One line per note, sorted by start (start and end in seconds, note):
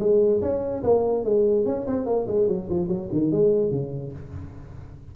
0.00 0.41 G#3
0.42 0.83 C#4
0.83 1.25 A#3
1.25 1.66 G#3
1.66 1.87 C#4
1.87 2.06 C4
2.06 2.27 A#3
2.27 2.48 G#3
2.48 2.69 F#3
2.70 2.88 F3
2.88 3.09 F#3
3.12 3.32 D#3
3.32 3.71 G#3
3.71 4.13 C#3